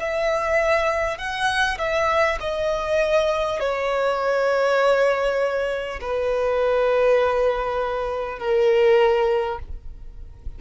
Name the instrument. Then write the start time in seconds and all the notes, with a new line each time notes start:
violin
0.00 E5
1.18 F#5
1.78 E5
2.41 D#5
3.60 C#5
6.01 B4
8.39 A#4